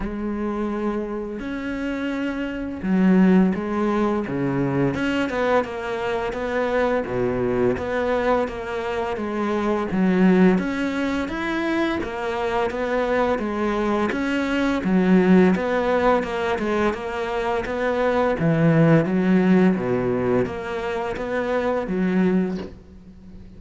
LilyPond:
\new Staff \with { instrumentName = "cello" } { \time 4/4 \tempo 4 = 85 gis2 cis'2 | fis4 gis4 cis4 cis'8 b8 | ais4 b4 b,4 b4 | ais4 gis4 fis4 cis'4 |
e'4 ais4 b4 gis4 | cis'4 fis4 b4 ais8 gis8 | ais4 b4 e4 fis4 | b,4 ais4 b4 fis4 | }